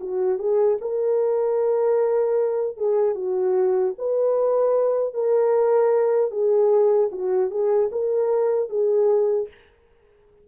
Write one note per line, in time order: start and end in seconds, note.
0.00 0.38 F#4
0.38 0.78 G#4
0.81 2.76 A#4
2.76 3.15 G#4
3.15 3.94 F#4
3.98 5.14 B4
5.14 6.31 A#4
6.31 7.09 G#4
7.12 7.50 F#4
7.50 7.89 G#4
7.92 8.69 A#4
8.69 9.48 G#4